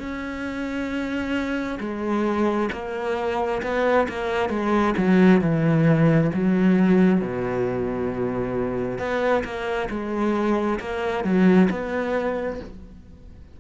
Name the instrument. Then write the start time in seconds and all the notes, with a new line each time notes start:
cello
0.00 C#4
1.80 G#3
2.73 A#3
3.63 B3
4.09 A#3
4.49 G#3
4.98 F#3
5.41 E3
6.34 F#3
7.22 B2
8.99 B3
9.44 A#3
9.90 G#3
10.80 A#3
11.24 F#3
11.71 B3